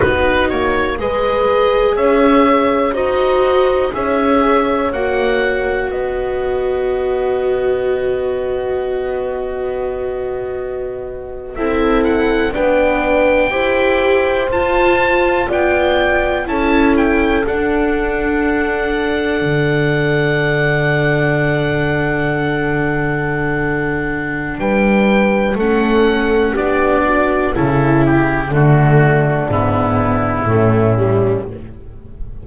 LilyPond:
<<
  \new Staff \with { instrumentName = "oboe" } { \time 4/4 \tempo 4 = 61 b'8 cis''8 dis''4 e''4 dis''4 | e''4 fis''4 dis''2~ | dis''2.~ dis''8. e''16~ | e''16 fis''8 g''2 a''4 g''16~ |
g''8. a''8 g''8 fis''2~ fis''16~ | fis''1~ | fis''4 g''4 fis''4 d''4 | a'8 g'8 fis'4 e'2 | }
  \new Staff \with { instrumentName = "horn" } { \time 4/4 fis'4 b'4 cis''4 c''4 | cis''2 b'2~ | b'2.~ b'8. a'16~ | a'8. b'4 c''2 d''16~ |
d''8. a'2.~ a'16~ | a'1~ | a'4 b'4 a'4 g'8 fis'8 | e'4 d'2 cis'4 | }
  \new Staff \with { instrumentName = "viola" } { \time 4/4 dis'4 gis'2 fis'4 | gis'4 fis'2.~ | fis'2.~ fis'8. e'16~ | e'8. d'4 g'4 f'4~ f'16~ |
f'8. e'4 d'2~ d'16~ | d'1~ | d'2 cis'4 d'4 | e'4 a4 b4 a8 g8 | }
  \new Staff \with { instrumentName = "double bass" } { \time 4/4 b8 ais8 gis4 cis'4 dis'4 | cis'4 ais4 b2~ | b2.~ b8. c'16~ | c'8. b4 e'4 f'4 b16~ |
b8. cis'4 d'2 d16~ | d1~ | d4 g4 a4 b4 | cis4 d4 gis,4 a,4 | }
>>